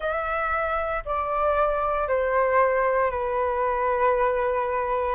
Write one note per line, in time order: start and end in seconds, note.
0.00 1.03 E5
1.05 2.08 D5
2.08 3.10 C5
3.10 5.15 B4